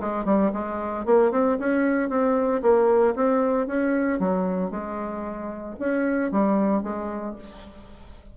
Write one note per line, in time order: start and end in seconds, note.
0.00 0.25 G#3
0.25 0.51 G3
0.53 1.05 G#3
1.05 1.31 A#3
1.31 1.57 C4
1.59 2.09 C#4
2.09 2.62 C4
2.62 3.14 A#3
3.15 3.67 C4
3.67 4.19 C#4
4.19 4.71 F#3
4.71 5.76 G#3
5.79 6.31 C#4
6.31 6.83 G3
6.83 7.36 G#3